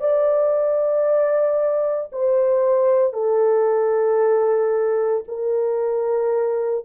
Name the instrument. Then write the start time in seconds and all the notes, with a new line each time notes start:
horn
0.00 D5
2.12 C5
3.13 A4
5.28 A#4